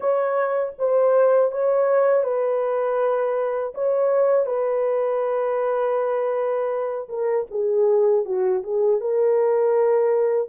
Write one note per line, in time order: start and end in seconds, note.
0.00 0.72 C#5
0.78 1.51 C5
1.51 2.23 C#5
2.23 3.73 B4
3.74 4.46 C#5
4.46 7.08 B4
7.08 7.46 A#4
7.50 8.25 G#4
8.25 8.62 F#4
8.63 9.00 G#4
9.00 10.48 A#4